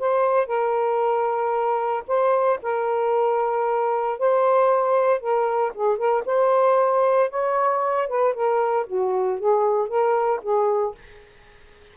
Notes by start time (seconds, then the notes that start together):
0.00 C5
0.47 A#4
2.08 C5
2.63 A#4
4.20 C5
5.21 A#4
5.75 G#4
5.98 A#4
6.26 C5
7.31 C#5
8.08 B4
8.35 A#4
8.87 F#4
9.40 G#4
9.89 A#4
10.43 G#4